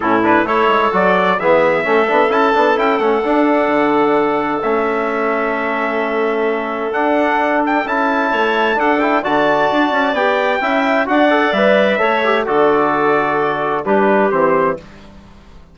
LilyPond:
<<
  \new Staff \with { instrumentName = "trumpet" } { \time 4/4 \tempo 4 = 130 a'8 b'8 cis''4 d''4 e''4~ | e''4 a''4 g''8 fis''4.~ | fis''2 e''2~ | e''2. fis''4~ |
fis''8 g''8 a''2 fis''8 g''8 | a''2 g''2 | fis''4 e''2 d''4~ | d''2 b'4 c''4 | }
  \new Staff \with { instrumentName = "clarinet" } { \time 4/4 e'4 a'2 gis'4 | a'1~ | a'1~ | a'1~ |
a'2 cis''4 a'4 | d''2. e''4 | d''2 cis''4 a'4~ | a'2 g'2 | }
  \new Staff \with { instrumentName = "trombone" } { \time 4/4 cis'8 d'8 e'4 fis'4 b4 | cis'8 d'8 e'8 d'8 e'8 cis'8 d'4~ | d'2 cis'2~ | cis'2. d'4~ |
d'4 e'2 d'8 e'8 | fis'2 g'4 e'4 | fis'8 a'8 b'4 a'8 g'8 fis'4~ | fis'2 d'4 c'4 | }
  \new Staff \with { instrumentName = "bassoon" } { \time 4/4 a,4 a8 gis8 fis4 e4 | a8 b8 cis'8 b8 cis'8 a8 d'4 | d2 a2~ | a2. d'4~ |
d'4 cis'4 a4 d'4 | d4 d'8 cis'8 b4 cis'4 | d'4 g4 a4 d4~ | d2 g4 e4 | }
>>